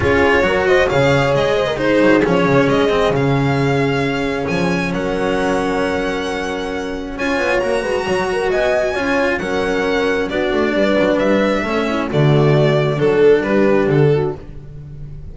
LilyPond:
<<
  \new Staff \with { instrumentName = "violin" } { \time 4/4 \tempo 4 = 134 cis''4. dis''8 f''4 dis''4 | c''4 cis''4 dis''4 f''4~ | f''2 gis''4 fis''4~ | fis''1 |
gis''4 ais''2 gis''4~ | gis''4 fis''2 d''4~ | d''4 e''2 d''4~ | d''4 a'4 b'4 a'4 | }
  \new Staff \with { instrumentName = "horn" } { \time 4/4 gis'4 ais'8 c''8 cis''4. c''16 ais'16 | gis'1~ | gis'2. ais'4~ | ais'1 |
cis''4. b'8 cis''8 ais'8 dis''4 | cis''4 ais'2 fis'4 | b'2 a'8 e'8 fis'4~ | fis'4 a'4 g'4. fis'8 | }
  \new Staff \with { instrumentName = "cello" } { \time 4/4 f'4 fis'4 gis'2 | dis'4 cis'4. c'8 cis'4~ | cis'1~ | cis'1 |
f'4 fis'2. | f'4 cis'2 d'4~ | d'2 cis'4 a4~ | a4 d'2. | }
  \new Staff \with { instrumentName = "double bass" } { \time 4/4 cis'4 fis4 cis4 gis4~ | gis8 fis8 f8 cis8 gis4 cis4~ | cis2 f4 fis4~ | fis1 |
cis'8 b8 ais8 gis8 fis4 b4 | cis'4 fis2 b8 a8 | g8 fis8 g4 a4 d4~ | d4 fis4 g4 d4 | }
>>